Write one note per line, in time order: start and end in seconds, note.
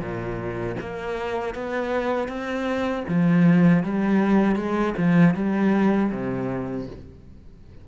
0.00 0.76 A#2
0.80 1.55 A#3
1.55 2.28 B3
2.28 3.04 C4
3.08 3.84 F3
3.84 4.56 G3
4.56 4.94 G#3
4.98 5.35 F3
5.35 6.11 G3
6.11 6.87 C3